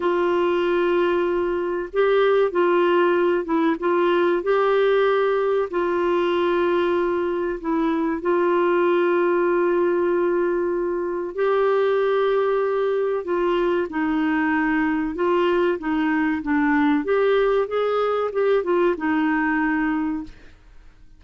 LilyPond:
\new Staff \with { instrumentName = "clarinet" } { \time 4/4 \tempo 4 = 95 f'2. g'4 | f'4. e'8 f'4 g'4~ | g'4 f'2. | e'4 f'2.~ |
f'2 g'2~ | g'4 f'4 dis'2 | f'4 dis'4 d'4 g'4 | gis'4 g'8 f'8 dis'2 | }